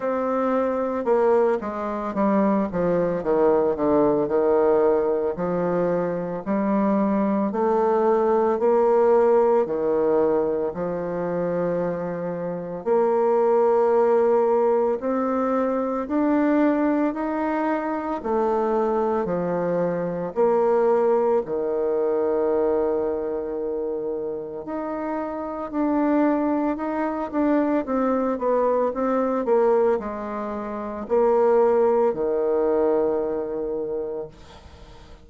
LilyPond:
\new Staff \with { instrumentName = "bassoon" } { \time 4/4 \tempo 4 = 56 c'4 ais8 gis8 g8 f8 dis8 d8 | dis4 f4 g4 a4 | ais4 dis4 f2 | ais2 c'4 d'4 |
dis'4 a4 f4 ais4 | dis2. dis'4 | d'4 dis'8 d'8 c'8 b8 c'8 ais8 | gis4 ais4 dis2 | }